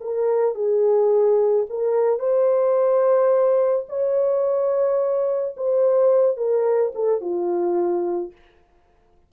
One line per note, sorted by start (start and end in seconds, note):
0.00 0.55 A#4
0.55 1.66 G#4
1.69 2.19 A#4
2.19 3.86 C5
3.89 5.56 C#5
5.57 6.37 C5
6.37 6.92 A#4
6.95 7.21 A4
7.21 8.32 F4